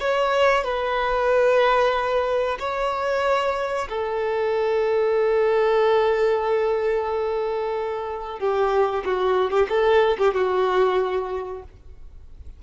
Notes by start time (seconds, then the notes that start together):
0.00 C#5
0.65 B4
2.60 C#5
3.89 A4
8.40 G4
9.06 F#4
9.51 G4
9.69 A4
10.18 G4
10.34 F#4